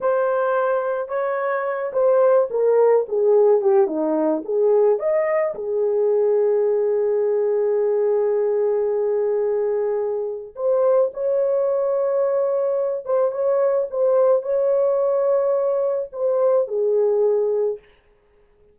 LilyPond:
\new Staff \with { instrumentName = "horn" } { \time 4/4 \tempo 4 = 108 c''2 cis''4. c''8~ | c''8 ais'4 gis'4 g'8 dis'4 | gis'4 dis''4 gis'2~ | gis'1~ |
gis'2. c''4 | cis''2.~ cis''8 c''8 | cis''4 c''4 cis''2~ | cis''4 c''4 gis'2 | }